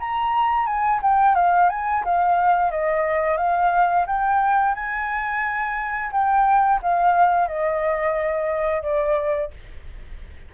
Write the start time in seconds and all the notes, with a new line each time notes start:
0.00 A#5
0.66 G#5
1.02 G5
1.35 F5
1.70 G#5
2.05 F5
2.71 D#5
3.38 F5
4.07 G5
4.75 G#5
6.12 G5
6.82 F5
7.48 D#5
8.82 D5